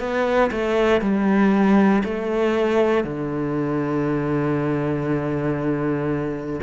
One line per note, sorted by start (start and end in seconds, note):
0.00 0.51 B3
0.51 1.01 A3
1.01 2.03 G3
2.04 3.04 A3
3.04 6.60 D3